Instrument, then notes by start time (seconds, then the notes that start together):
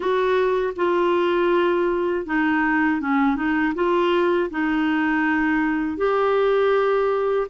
clarinet
0.00 F#4
0.75 F4
2.26 D#4
3.00 C#4
3.36 D#4
3.75 F4
4.50 D#4
5.97 G4